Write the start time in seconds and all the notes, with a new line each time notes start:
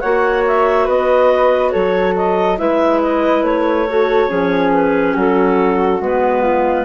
0.00 A#3 F#4 C#5 F#5
0.47 E5
0.85 B3 B4 D#5
1.71 F#3 A4 C#5
2.17 D#5
2.58 G#3 E4 B4 E5
3.03 D#5
3.42 A3 C#5
3.89 F#4 A4
4.29 F3 C#4 G#4
4.73 B4
5.15 F#3 F#4 A4
6.01 G#3 B3 B4
6.43 F4